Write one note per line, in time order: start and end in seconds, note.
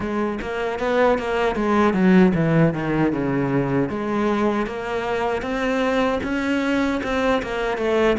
0.00 0.39 G#3
0.41 0.79 A#3
0.79 1.18 B3
1.18 1.55 A#3
1.55 1.93 G#3
1.93 2.32 F#3
2.34 2.73 E3
2.73 3.12 D#3
3.12 3.89 C#3
3.89 4.66 G#3
4.66 5.42 A#3
5.42 6.19 C4
6.23 7.01 C#4
7.03 7.42 C4
7.42 7.77 A#3
7.77 8.16 A3